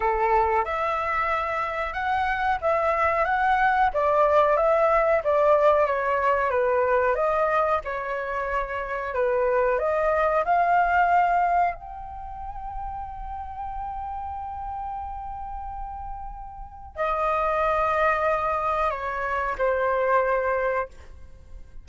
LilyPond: \new Staff \with { instrumentName = "flute" } { \time 4/4 \tempo 4 = 92 a'4 e''2 fis''4 | e''4 fis''4 d''4 e''4 | d''4 cis''4 b'4 dis''4 | cis''2 b'4 dis''4 |
f''2 g''2~ | g''1~ | g''2 dis''2~ | dis''4 cis''4 c''2 | }